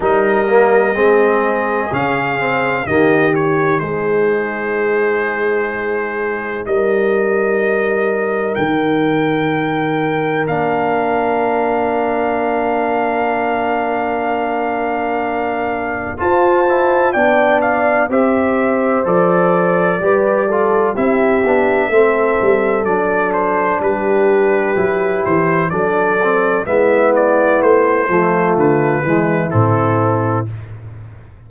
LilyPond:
<<
  \new Staff \with { instrumentName = "trumpet" } { \time 4/4 \tempo 4 = 63 dis''2 f''4 dis''8 cis''8 | c''2. dis''4~ | dis''4 g''2 f''4~ | f''1~ |
f''4 a''4 g''8 f''8 e''4 | d''2 e''2 | d''8 c''8 b'4. c''8 d''4 | e''8 d''8 c''4 b'4 a'4 | }
  \new Staff \with { instrumentName = "horn" } { \time 4/4 ais'4 gis'2 g'4 | gis'2. ais'4~ | ais'1~ | ais'1~ |
ais'4 c''4 d''4 c''4~ | c''4 b'8 a'8 g'4 a'4~ | a'4 g'2 a'4 | e'4. f'4 e'4. | }
  \new Staff \with { instrumentName = "trombone" } { \time 4/4 dis'8 ais8 c'4 cis'8 c'8 ais8 dis'8~ | dis'1~ | dis'2. d'4~ | d'1~ |
d'4 f'8 e'8 d'4 g'4 | a'4 g'8 f'8 e'8 d'8 c'4 | d'2 e'4 d'8 c'8 | b4. a4 gis8 c'4 | }
  \new Staff \with { instrumentName = "tuba" } { \time 4/4 g4 gis4 cis4 dis4 | gis2. g4~ | g4 dis2 ais4~ | ais1~ |
ais4 f'4 b4 c'4 | f4 g4 c'8 b8 a8 g8 | fis4 g4 fis8 e8 fis4 | gis4 a8 f8 d8 e8 a,4 | }
>>